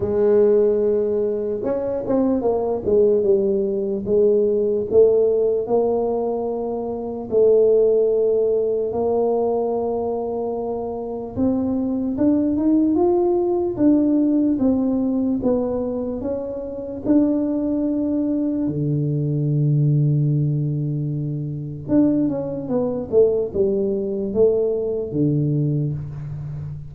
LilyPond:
\new Staff \with { instrumentName = "tuba" } { \time 4/4 \tempo 4 = 74 gis2 cis'8 c'8 ais8 gis8 | g4 gis4 a4 ais4~ | ais4 a2 ais4~ | ais2 c'4 d'8 dis'8 |
f'4 d'4 c'4 b4 | cis'4 d'2 d4~ | d2. d'8 cis'8 | b8 a8 g4 a4 d4 | }